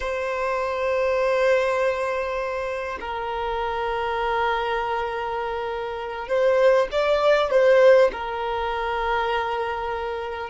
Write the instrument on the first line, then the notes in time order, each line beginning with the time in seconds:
violin
0.00 C5
3.00 A#4
6.28 C5
6.91 D5
7.51 C5
8.12 A#4